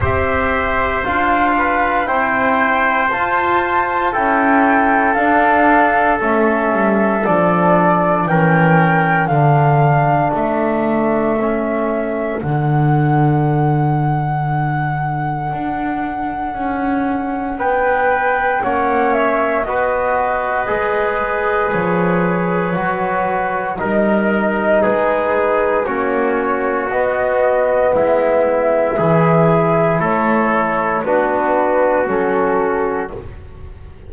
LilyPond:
<<
  \new Staff \with { instrumentName = "flute" } { \time 4/4 \tempo 4 = 58 e''4 f''4 g''4 a''4 | g''4 f''4 e''4 d''4 | g''4 f''4 e''2 | fis''1~ |
fis''4 g''4 fis''8 e''8 dis''4~ | dis''4 cis''2 dis''4 | b'4 cis''4 dis''4 e''4~ | e''4 cis''4 b'4 a'4 | }
  \new Staff \with { instrumentName = "trumpet" } { \time 4/4 c''4. b'8 c''2 | a'1 | ais'4 a'2.~ | a'1~ |
a'4 b'4 cis''4 b'4~ | b'2. ais'4 | gis'4 fis'2 e'4 | gis'4 a'4 fis'2 | }
  \new Staff \with { instrumentName = "trombone" } { \time 4/4 g'4 f'4 e'4 f'4 | e'4 d'4 cis'4 d'4 | cis'4 d'2 cis'4 | d'1~ |
d'2 cis'4 fis'4 | gis'2 fis'4 dis'4~ | dis'4 cis'4 b2 | e'2 d'4 cis'4 | }
  \new Staff \with { instrumentName = "double bass" } { \time 4/4 c'4 d'4 c'4 f'4 | cis'4 d'4 a8 g8 f4 | e4 d4 a2 | d2. d'4 |
cis'4 b4 ais4 b4 | gis4 f4 fis4 g4 | gis4 ais4 b4 gis4 | e4 a4 b4 fis4 | }
>>